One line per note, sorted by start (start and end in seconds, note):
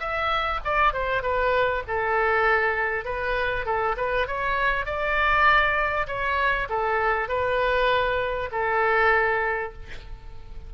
0.00 0.61 E5
0.65 0.93 D5
0.93 1.23 C5
1.23 1.83 B4
1.88 3.05 A4
3.05 3.66 B4
3.66 3.96 A4
3.97 4.28 B4
4.28 4.86 C#5
4.86 6.07 D5
6.08 6.68 C#5
6.69 7.29 A4
7.29 8.50 B4
8.52 9.73 A4